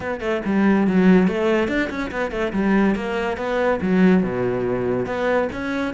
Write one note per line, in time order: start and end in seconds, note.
0.00 0.20 B3
0.20 0.41 A3
0.45 0.87 G3
0.87 1.27 F#3
1.27 1.68 A3
1.68 1.89 D4
1.89 2.10 C#4
2.11 2.31 B3
2.31 2.52 A3
2.53 2.95 G3
2.95 3.37 A#3
3.37 3.79 B3
3.81 4.23 F#3
4.23 5.06 B2
5.06 5.48 B3
5.52 5.93 C#4